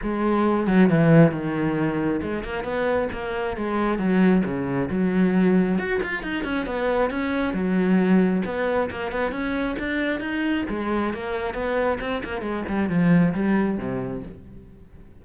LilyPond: \new Staff \with { instrumentName = "cello" } { \time 4/4 \tempo 4 = 135 gis4. fis8 e4 dis4~ | dis4 gis8 ais8 b4 ais4 | gis4 fis4 cis4 fis4~ | fis4 fis'8 f'8 dis'8 cis'8 b4 |
cis'4 fis2 b4 | ais8 b8 cis'4 d'4 dis'4 | gis4 ais4 b4 c'8 ais8 | gis8 g8 f4 g4 c4 | }